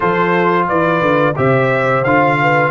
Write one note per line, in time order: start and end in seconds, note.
0.00 0.70 F3
0.00 1.34 F4
0.00 0.66 A4
0.00 0.67 C5
0.68 1.01 E3
0.68 1.37 B4
0.68 1.36 D5
1.01 1.35 D3
1.36 2.04 C3
1.36 2.04 G4
1.36 2.39 C5
1.36 2.04 E5
2.04 2.70 D3
2.04 2.70 F4
2.04 2.70 F5
2.41 2.70 B4